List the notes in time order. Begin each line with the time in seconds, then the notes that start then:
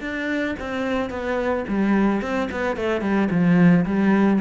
0.00 D4
0.59 C4
1.10 B3
1.68 G3
2.21 C4
2.51 B3
2.76 A3
3.01 G3
3.30 F3
3.85 G3